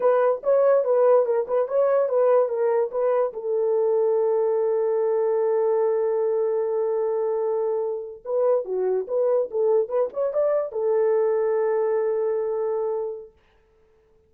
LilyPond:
\new Staff \with { instrumentName = "horn" } { \time 4/4 \tempo 4 = 144 b'4 cis''4 b'4 ais'8 b'8 | cis''4 b'4 ais'4 b'4 | a'1~ | a'1~ |
a'2.~ a'8. b'16~ | b'8. fis'4 b'4 a'4 b'16~ | b'16 cis''8 d''4 a'2~ a'16~ | a'1 | }